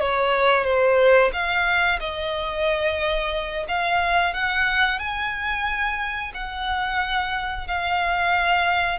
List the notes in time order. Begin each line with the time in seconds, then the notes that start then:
0.00 C#5
0.64 C5
1.32 F5
1.99 D#5
3.68 F5
4.34 F#5
4.98 G#5
6.34 F#5
7.67 F5